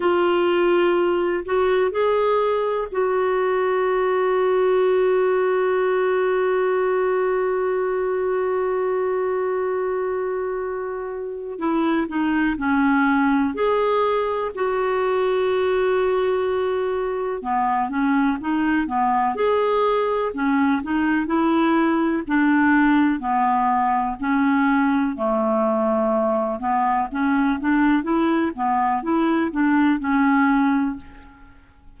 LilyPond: \new Staff \with { instrumentName = "clarinet" } { \time 4/4 \tempo 4 = 62 f'4. fis'8 gis'4 fis'4~ | fis'1~ | fis'1 | e'8 dis'8 cis'4 gis'4 fis'4~ |
fis'2 b8 cis'8 dis'8 b8 | gis'4 cis'8 dis'8 e'4 d'4 | b4 cis'4 a4. b8 | cis'8 d'8 e'8 b8 e'8 d'8 cis'4 | }